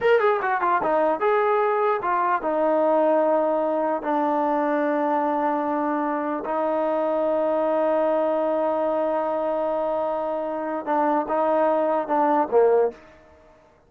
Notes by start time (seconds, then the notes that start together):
0.01 A#4
0.19 G#4
0.41 F#4
0.61 F4
0.82 D#4
1.20 G#4
2.02 F4
2.42 D#4
4.02 D4
6.45 D#4
10.85 D4
11.28 D#4
12.07 D4
12.50 A#3